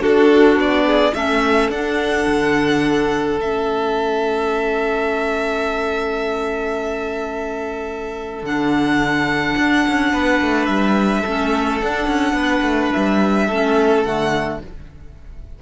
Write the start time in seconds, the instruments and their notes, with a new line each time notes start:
0.00 clarinet D4, violin F#4 A4
0.06 cello D4
0.56 cello B3, violin D5
0.86 violin G#4
1.14 cello A3, clarinet C#4, violin A4 E5
1.70 cello D4, clarinet D4, violin F#5
2.27 cello D3
3.39 cello A3, clarinet C#4, violin E5
8.43 cello D3, clarinet D4, violin F#5
9.58 cello D4
9.88 cello C#4
10.13 cello B3, violin B4
10.42 cello A3
10.66 cello G3, violin E5
11.21 cello A3, clarinet C#4, violin A4
11.81 cello D4, clarinet D4, violin F#5
12.08 cello C#4
12.33 cello B3, violin B4
12.62 cello A3
12.93 cello G3, violin E5
13.47 cello A3, clarinet C#4, violin A4
14.04 cello D3, clarinet A3, violin F#5